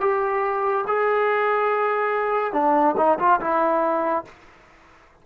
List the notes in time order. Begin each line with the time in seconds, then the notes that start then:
0.00 G4
0.87 G#4
2.53 D4
2.97 D#4
3.19 F4
3.40 E4